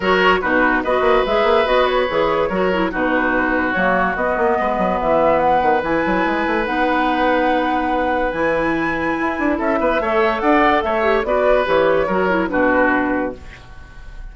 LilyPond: <<
  \new Staff \with { instrumentName = "flute" } { \time 4/4 \tempo 4 = 144 cis''4 b'4 dis''4 e''4 | dis''8 cis''2~ cis''8 b'4~ | b'4 cis''4 dis''2 | e''4 fis''4 gis''2 |
fis''1 | gis''2. e''4~ | e''4 fis''4 e''4 d''4 | cis''2 b'2 | }
  \new Staff \with { instrumentName = "oboe" } { \time 4/4 ais'4 fis'4 b'2~ | b'2 ais'4 fis'4~ | fis'2. b'4~ | b'1~ |
b'1~ | b'2. a'8 b'8 | cis''4 d''4 cis''4 b'4~ | b'4 ais'4 fis'2 | }
  \new Staff \with { instrumentName = "clarinet" } { \time 4/4 fis'4 dis'4 fis'4 gis'4 | fis'4 gis'4 fis'8 e'8 dis'4~ | dis'4 ais4 b2~ | b2 e'2 |
dis'1 | e'1 | a'2~ a'8 g'8 fis'4 | g'4 fis'8 e'8 d'2 | }
  \new Staff \with { instrumentName = "bassoon" } { \time 4/4 fis4 b,4 b8 ais8 gis8 ais8 | b4 e4 fis4 b,4~ | b,4 fis4 b8 ais8 gis8 fis8 | e4. dis8 e8 fis8 gis8 a8 |
b1 | e2 e'8 d'8 cis'8 b8 | a4 d'4 a4 b4 | e4 fis4 b,2 | }
>>